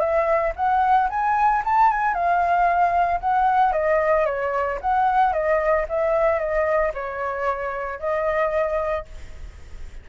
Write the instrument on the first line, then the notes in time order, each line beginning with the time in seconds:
flute
0.00 E5
0.56 F#5
1.10 G#5
1.65 A5
1.91 G#5
2.14 F5
3.21 F#5
3.72 D#5
4.26 C#5
4.81 F#5
5.33 D#5
5.89 E5
6.39 D#5
6.94 C#5
7.99 D#5